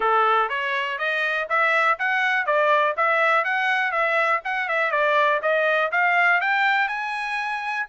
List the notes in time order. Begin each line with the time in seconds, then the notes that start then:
0.00 A4
0.49 C#5
0.98 D#5
1.49 E5
1.98 F#5
2.46 D5
2.96 E5
3.44 F#5
3.91 E5
4.44 F#5
4.68 E5
4.91 D5
5.42 D#5
5.91 F5
6.40 G5
6.88 G#5